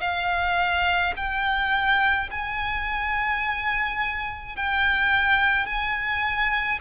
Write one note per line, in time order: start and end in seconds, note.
0.00 1.13 F5
1.16 2.30 G5
2.31 4.55 G#5
4.55 5.66 G5
5.66 6.79 G#5